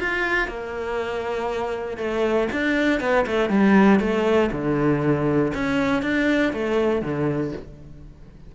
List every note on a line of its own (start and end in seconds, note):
0.00 0.48 F4
0.48 1.98 A#3
1.98 2.48 A3
2.52 3.00 D4
3.00 3.26 B3
3.27 3.50 A3
3.50 4.00 G3
4.00 4.51 A3
4.52 5.53 D3
5.55 6.02 C#4
6.02 6.53 D4
6.53 7.02 A3
7.02 7.53 D3